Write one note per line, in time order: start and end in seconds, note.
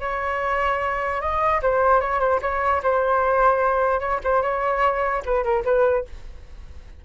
0.00 1.20 C#5
1.20 1.61 D#5
1.62 2.00 C5
2.00 2.20 C#5
2.20 2.40 C5
2.41 2.82 C#5
2.83 4.00 C5
4.00 4.20 C#5
4.24 4.42 C5
4.42 5.22 C#5
5.25 5.43 B4
5.43 5.64 A#4
5.64 6.05 B4